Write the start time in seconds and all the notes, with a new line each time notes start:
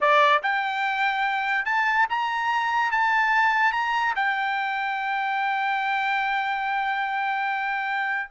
0.01 D5
0.42 G5
1.65 A5
2.09 A#5
2.91 A5
3.72 A#5
4.15 G5